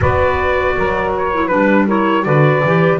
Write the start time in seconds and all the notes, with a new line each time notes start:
0.00 B3 F#4 B4 D5
0.77 F#3 A#4
1.16 C#5
1.33 E4
1.46 D4 B4
1.53 G3
1.87 E4 A#4 C#5
2.23 D3 F#4 B4 D5
2.64 E3 G4